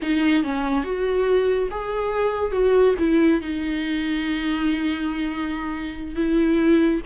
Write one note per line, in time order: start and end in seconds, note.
0.01 0.43 D#4
0.43 0.84 C#4
0.84 1.69 F#4
1.70 2.52 G#4
2.52 2.94 F#4
2.98 3.41 E4
3.41 6.15 D#4
6.15 7.00 E4